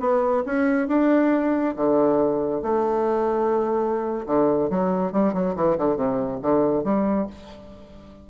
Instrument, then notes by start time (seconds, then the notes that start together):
bassoon
0.00 B3
0.46 C#4
0.88 D4
1.76 D3
2.62 A3
4.26 D3
4.70 F#3
5.12 G3
5.33 F#3
5.56 E3
5.78 D3
5.96 C3
6.42 D3
6.84 G3